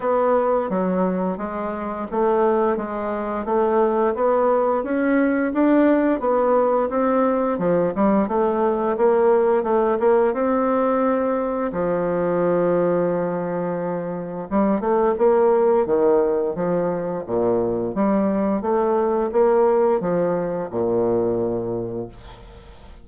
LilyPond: \new Staff \with { instrumentName = "bassoon" } { \time 4/4 \tempo 4 = 87 b4 fis4 gis4 a4 | gis4 a4 b4 cis'4 | d'4 b4 c'4 f8 g8 | a4 ais4 a8 ais8 c'4~ |
c'4 f2.~ | f4 g8 a8 ais4 dis4 | f4 ais,4 g4 a4 | ais4 f4 ais,2 | }